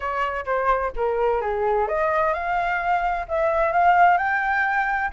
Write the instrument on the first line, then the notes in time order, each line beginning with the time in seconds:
flute
0.00 C#5
0.45 C5
0.96 A#4
1.41 G#4
1.88 D#5
2.33 F5
3.28 E5
3.72 F5
4.17 G5